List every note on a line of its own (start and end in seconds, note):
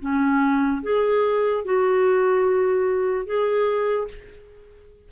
0.00 0.82 C#4
0.83 1.65 G#4
1.65 3.26 F#4
3.26 4.08 G#4